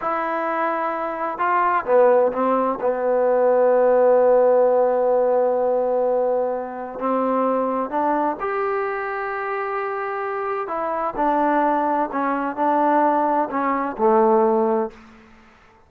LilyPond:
\new Staff \with { instrumentName = "trombone" } { \time 4/4 \tempo 4 = 129 e'2. f'4 | b4 c'4 b2~ | b1~ | b2. c'4~ |
c'4 d'4 g'2~ | g'2. e'4 | d'2 cis'4 d'4~ | d'4 cis'4 a2 | }